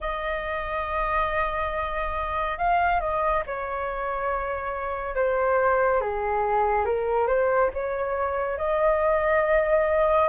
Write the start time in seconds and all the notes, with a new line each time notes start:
0.00 D#5
2.58 F5
3.00 D#5
3.46 C#5
5.15 C5
6.00 G#4
6.85 A#4
7.27 C5
7.73 C#5
8.57 D#5